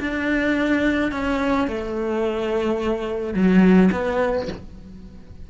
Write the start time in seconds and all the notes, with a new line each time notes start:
0.00 D4
1.11 C#4
1.67 A3
3.34 F#3
3.92 B3